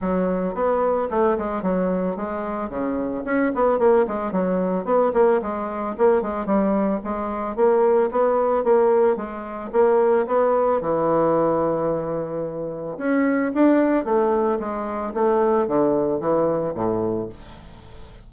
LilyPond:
\new Staff \with { instrumentName = "bassoon" } { \time 4/4 \tempo 4 = 111 fis4 b4 a8 gis8 fis4 | gis4 cis4 cis'8 b8 ais8 gis8 | fis4 b8 ais8 gis4 ais8 gis8 | g4 gis4 ais4 b4 |
ais4 gis4 ais4 b4 | e1 | cis'4 d'4 a4 gis4 | a4 d4 e4 a,4 | }